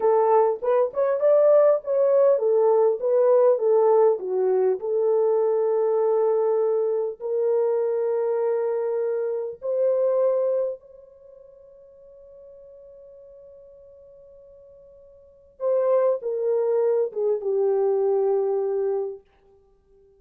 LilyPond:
\new Staff \with { instrumentName = "horn" } { \time 4/4 \tempo 4 = 100 a'4 b'8 cis''8 d''4 cis''4 | a'4 b'4 a'4 fis'4 | a'1 | ais'1 |
c''2 cis''2~ | cis''1~ | cis''2 c''4 ais'4~ | ais'8 gis'8 g'2. | }